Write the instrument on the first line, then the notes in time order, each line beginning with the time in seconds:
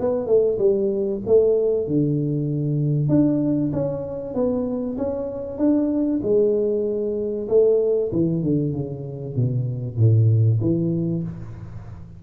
tuba
0.00 B3
0.26 A3
0.58 G3
1.26 A3
1.87 D3
3.09 D4
3.73 C#4
4.34 B3
4.97 C#4
5.58 D4
6.23 G#3
7.48 A3
8.12 E3
8.43 D3
8.73 C#3
9.35 B2
9.97 A2
10.61 E3